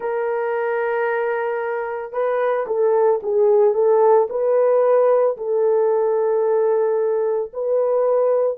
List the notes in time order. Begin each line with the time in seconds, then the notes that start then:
0.00 A#4
2.12 B4
2.66 A4
3.22 G#4
3.74 A4
4.29 B4
5.37 A4
7.53 B4